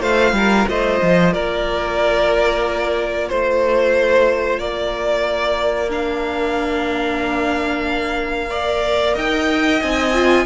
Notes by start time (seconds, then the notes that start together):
0.00 A3 F4 C5 F5
0.33 G3 A#4
0.68 A3 C5 D#5
1.02 F3
1.34 A#3 A#4 D5
3.29 A3 C5
4.59 A#3 A#4 D5
5.89 D4 F5
8.50 A#4 D5
9.15 D#4 D#5 G5
9.82 C4 D#4 G#5
10.14 F4